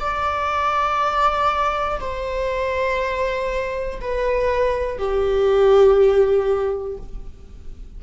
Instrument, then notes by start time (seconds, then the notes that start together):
viola
0.00 D5
2.01 C5
4.01 B4
4.98 G4